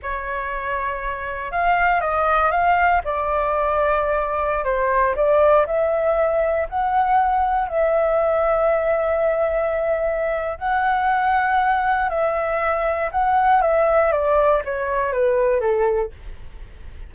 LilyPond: \new Staff \with { instrumentName = "flute" } { \time 4/4 \tempo 4 = 119 cis''2. f''4 | dis''4 f''4 d''2~ | d''4~ d''16 c''4 d''4 e''8.~ | e''4~ e''16 fis''2 e''8.~ |
e''1~ | e''4 fis''2. | e''2 fis''4 e''4 | d''4 cis''4 b'4 a'4 | }